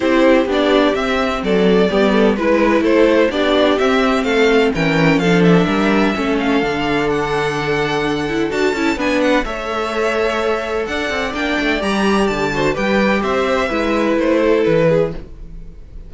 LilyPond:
<<
  \new Staff \with { instrumentName = "violin" } { \time 4/4 \tempo 4 = 127 c''4 d''4 e''4 d''4~ | d''4 b'4 c''4 d''4 | e''4 f''4 g''4 f''8 e''8~ | e''4. f''4. fis''4~ |
fis''2 a''4 gis''8 fis''8 | e''2. fis''4 | g''4 ais''4 a''4 g''4 | e''2 c''4 b'4 | }
  \new Staff \with { instrumentName = "violin" } { \time 4/4 g'2. a'4 | g'8 a'8 b'4 a'4 g'4~ | g'4 a'4 ais'4 a'4 | ais'4 a'2.~ |
a'2. b'4 | cis''2. d''4~ | d''2~ d''8 c''8 b'4 | c''4 b'4. a'4 gis'8 | }
  \new Staff \with { instrumentName = "viola" } { \time 4/4 e'4 d'4 c'2 | b4 e'2 d'4 | c'2 cis'4 d'4~ | d'4 cis'4 d'2~ |
d'4. e'8 fis'8 e'8 d'4 | a'1 | d'4 g'4. fis'8 g'4~ | g'4 e'2. | }
  \new Staff \with { instrumentName = "cello" } { \time 4/4 c'4 b4 c'4 fis4 | g4 gis4 a4 b4 | c'4 a4 e4 f4 | g4 a4 d2~ |
d2 d'8 cis'8 b4 | a2. d'8 c'8 | ais8 a8 g4 d4 g4 | c'4 gis4 a4 e4 | }
>>